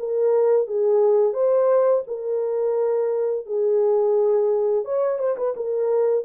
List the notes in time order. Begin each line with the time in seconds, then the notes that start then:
0.00 A#4
0.68 G#4
1.34 C5
2.08 A#4
3.47 G#4
4.86 C#5
5.19 C5
5.38 B4
5.57 A#4